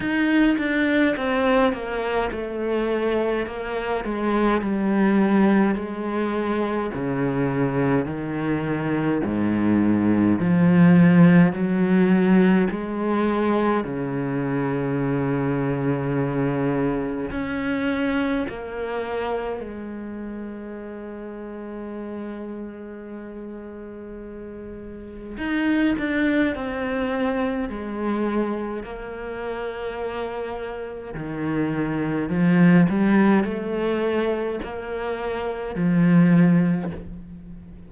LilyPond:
\new Staff \with { instrumentName = "cello" } { \time 4/4 \tempo 4 = 52 dis'8 d'8 c'8 ais8 a4 ais8 gis8 | g4 gis4 cis4 dis4 | gis,4 f4 fis4 gis4 | cis2. cis'4 |
ais4 gis2.~ | gis2 dis'8 d'8 c'4 | gis4 ais2 dis4 | f8 g8 a4 ais4 f4 | }